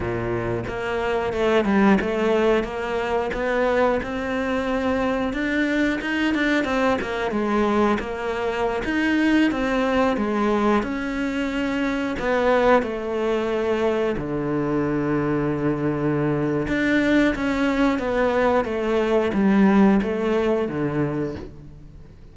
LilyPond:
\new Staff \with { instrumentName = "cello" } { \time 4/4 \tempo 4 = 90 ais,4 ais4 a8 g8 a4 | ais4 b4 c'2 | d'4 dis'8 d'8 c'8 ais8 gis4 | ais4~ ais16 dis'4 c'4 gis8.~ |
gis16 cis'2 b4 a8.~ | a4~ a16 d2~ d8.~ | d4 d'4 cis'4 b4 | a4 g4 a4 d4 | }